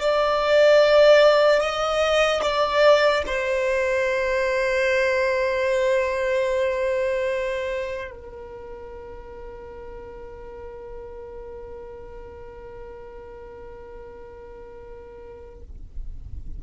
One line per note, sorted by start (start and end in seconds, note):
0.00 1.60 D5
1.60 2.42 D#5
2.42 3.23 D5
3.27 8.11 C5
8.11 15.61 A#4